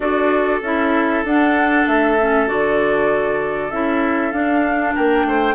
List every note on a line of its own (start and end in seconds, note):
0.00 0.61 D4
0.00 0.61 F#4
0.00 4.94 A4
0.00 0.62 D5
0.61 1.23 C#4
0.61 1.26 E4
0.61 1.25 E5
1.23 1.85 D4
1.23 2.19 D4
1.23 1.87 F#5
1.86 2.48 A3
1.86 2.47 E5
2.19 2.47 C#4
2.47 3.71 D3
2.47 3.71 F#4
2.47 3.70 D5
3.70 4.32 C#4
3.70 4.32 E4
3.70 4.31 E5
4.31 4.94 D4
4.31 5.54 D4
4.31 4.93 F5
4.94 5.24 A#3
4.94 5.25 A#4
4.94 5.54 G5
5.24 5.54 A3
5.24 5.54 C5